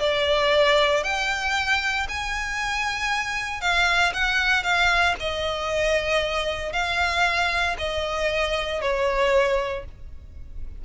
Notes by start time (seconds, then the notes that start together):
0.00 D5
1.04 G5
2.09 G#5
3.61 F5
4.14 F#5
4.63 F5
5.20 D#5
6.73 F5
7.78 D#5
8.82 C#5